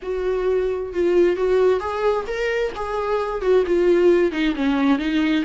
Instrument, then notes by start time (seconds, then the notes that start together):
viola
0.02 F#4
0.93 F4
1.36 F#4
1.80 G#4
2.27 A#4
2.75 G#4
3.41 F#4
3.66 F4
4.31 D#4
4.55 C#4
4.98 D#4